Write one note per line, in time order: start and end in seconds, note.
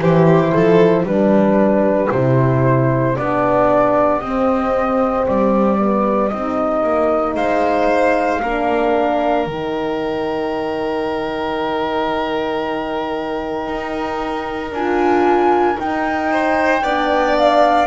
0.00 0.53 E3
0.00 1.05 E4
0.00 0.53 G4
0.00 1.06 C5
0.53 1.03 F3
0.53 1.05 A4
1.03 2.08 G3
1.03 2.10 D4
1.03 7.36 G4
1.03 2.11 B4
2.11 3.17 C3
2.11 3.17 E4
2.11 3.16 C5
3.16 4.21 B3
3.16 4.21 D4
3.16 4.20 D5
4.20 5.79 C4
4.20 5.27 C4
4.20 5.25 D#5
5.27 6.33 G3
5.27 6.28 D5
5.79 6.31 B3
6.28 6.83 C4
6.28 8.43 D#4
6.28 7.34 D#5
6.83 7.36 A#3
7.36 8.41 G#3
7.36 8.41 C5
7.36 9.45 F5
8.42 9.46 A#3
8.42 9.49 D4
8.42 16.31 A#4
9.45 13.66 D#3
9.45 14.75 D#4
9.45 14.72 G5
13.66 14.72 D#4
14.72 15.77 D4
14.72 15.76 F4
14.72 15.79 G#5
15.76 16.81 D#4
15.76 16.82 D#4
15.76 17.37 G5
16.31 16.84 C5
16.82 17.87 B3
16.82 17.87 D4
16.82 17.87 D5
17.38 17.87 F5